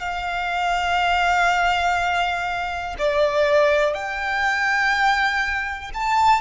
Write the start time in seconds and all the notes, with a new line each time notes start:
0.00 F5
2.99 D5
3.94 G5
5.94 A5